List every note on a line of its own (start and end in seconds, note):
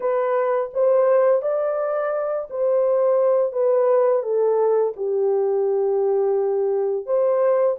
0.00 0.70 B4
0.73 1.41 C5
1.41 2.47 D5
2.49 3.52 C5
3.52 4.22 B4
4.22 4.93 A4
4.96 7.06 G4
7.06 7.76 C5